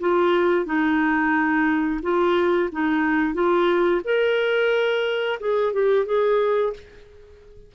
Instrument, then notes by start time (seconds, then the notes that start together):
clarinet
0.00 F4
0.66 D#4
2.03 F4
2.72 D#4
3.34 F4
4.04 A#4
5.40 G#4
5.73 G4
6.06 G#4